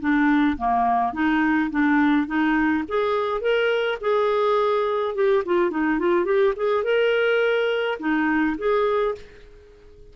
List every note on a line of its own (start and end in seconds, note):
0.00 0.57 D4
0.57 1.13 A#3
1.13 1.70 D#4
1.71 2.27 D4
2.27 2.84 D#4
2.88 3.41 G#4
3.41 3.98 A#4
4.01 5.15 G#4
5.15 5.44 G4
5.45 5.71 F4
5.71 5.99 D#4
5.99 6.25 F4
6.25 6.54 G4
6.56 6.84 G#4
6.84 7.98 A#4
8.00 8.57 D#4
8.58 9.15 G#4